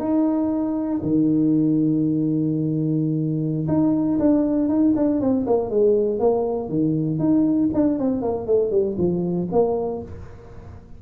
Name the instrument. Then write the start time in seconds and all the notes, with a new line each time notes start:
tuba
0.00 D#4
1.02 D#3
3.68 D#4
4.19 D4
4.69 D#4
4.96 D4
5.21 C4
5.47 A#3
5.70 G#3
6.20 A#3
6.69 D#3
7.19 D#4
7.74 D4
7.99 C4
8.22 A#3
8.47 A3
8.72 G3
8.98 F3
9.52 A#3